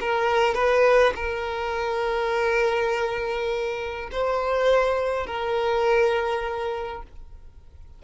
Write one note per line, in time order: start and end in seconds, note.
0.00 0.54 A#4
0.54 1.13 B4
1.15 4.09 A#4
4.11 5.26 C5
5.26 7.02 A#4